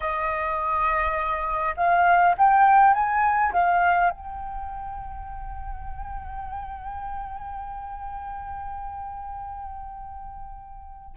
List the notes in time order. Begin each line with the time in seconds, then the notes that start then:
0.00 D#5
1.76 F5
2.37 G5
2.93 G#5
3.53 F5
4.10 G5